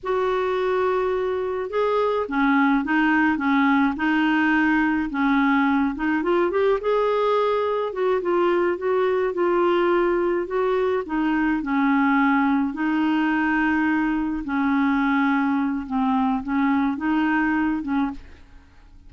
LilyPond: \new Staff \with { instrumentName = "clarinet" } { \time 4/4 \tempo 4 = 106 fis'2. gis'4 | cis'4 dis'4 cis'4 dis'4~ | dis'4 cis'4. dis'8 f'8 g'8 | gis'2 fis'8 f'4 fis'8~ |
fis'8 f'2 fis'4 dis'8~ | dis'8 cis'2 dis'4.~ | dis'4. cis'2~ cis'8 | c'4 cis'4 dis'4. cis'8 | }